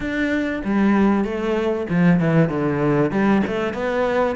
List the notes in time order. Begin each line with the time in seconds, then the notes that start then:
0.00 D4
0.64 G3
1.24 A3
1.89 F3
2.19 E3
2.49 D3
3.11 G3
3.47 A3
3.73 B3